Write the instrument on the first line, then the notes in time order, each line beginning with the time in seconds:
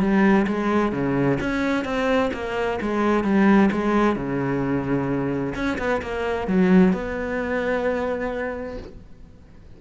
cello
0.00 G3
0.47 G#3
0.92 C#3
1.40 C#4
1.84 C4
2.33 A#3
2.82 G#3
3.23 G3
3.72 G#3
4.16 C#3
5.55 C#4
5.78 B3
6.01 A#3
6.47 F#3
6.93 B3